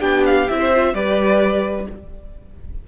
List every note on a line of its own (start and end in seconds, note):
0.00 0.48 B3
0.00 0.47 D4
0.00 0.58 G4
0.00 0.23 G5
0.25 0.49 F5
0.49 0.93 C4
0.49 0.73 E4
0.49 0.94 E5
0.58 0.93 C5
0.74 0.94 F4
0.93 1.86 G3
0.93 1.87 G4
0.93 1.87 B4
0.93 1.87 D5